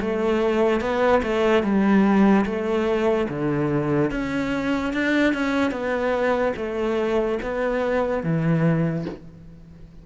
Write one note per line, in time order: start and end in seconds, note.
0.00 0.80 A3
0.80 1.21 B3
1.22 1.63 A3
1.63 2.45 G3
2.45 3.27 A3
3.28 4.11 D3
4.11 4.93 C#4
4.93 5.33 D4
5.33 5.71 C#4
5.71 6.53 B3
6.56 7.38 A3
7.42 8.23 B3
8.23 9.05 E3